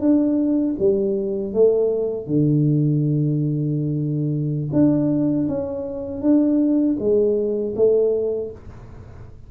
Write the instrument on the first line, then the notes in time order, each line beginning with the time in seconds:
tuba
0.00 D4
0.79 G3
1.53 A3
2.26 D3
4.72 D4
5.48 C#4
6.21 D4
6.99 G#3
7.76 A3